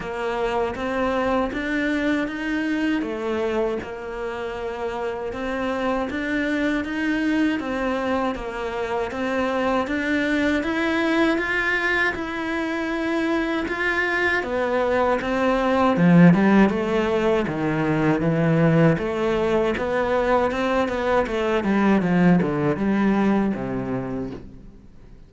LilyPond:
\new Staff \with { instrumentName = "cello" } { \time 4/4 \tempo 4 = 79 ais4 c'4 d'4 dis'4 | a4 ais2 c'4 | d'4 dis'4 c'4 ais4 | c'4 d'4 e'4 f'4 |
e'2 f'4 b4 | c'4 f8 g8 a4 dis4 | e4 a4 b4 c'8 b8 | a8 g8 f8 d8 g4 c4 | }